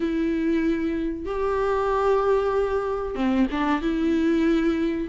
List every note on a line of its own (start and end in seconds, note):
0.00 1.25 E4
1.25 3.15 G4
3.15 3.46 C4
3.51 3.81 D4
3.81 5.07 E4